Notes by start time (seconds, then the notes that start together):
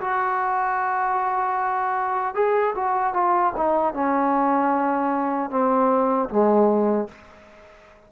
0.00 F#4
2.34 G#4
2.75 F#4
3.13 F4
3.56 D#4
3.94 C#4
5.50 C4
6.29 G#3